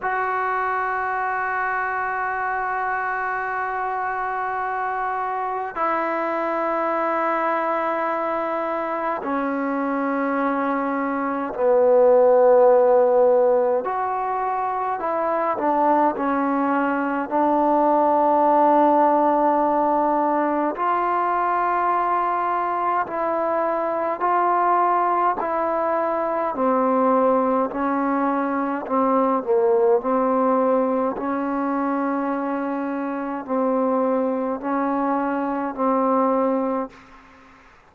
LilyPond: \new Staff \with { instrumentName = "trombone" } { \time 4/4 \tempo 4 = 52 fis'1~ | fis'4 e'2. | cis'2 b2 | fis'4 e'8 d'8 cis'4 d'4~ |
d'2 f'2 | e'4 f'4 e'4 c'4 | cis'4 c'8 ais8 c'4 cis'4~ | cis'4 c'4 cis'4 c'4 | }